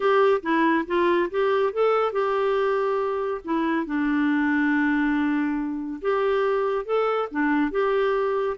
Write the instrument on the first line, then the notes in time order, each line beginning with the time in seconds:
clarinet
0.00 G4
0.42 E4
0.86 F4
1.30 G4
1.72 A4
2.12 G4
3.44 E4
3.86 D4
6.01 G4
6.85 A4
7.31 D4
7.71 G4